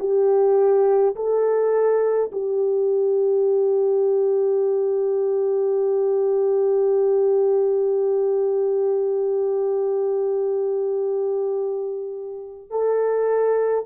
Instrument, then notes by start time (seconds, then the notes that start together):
horn
0.00 G4
1.16 A4
2.32 G4
12.70 A4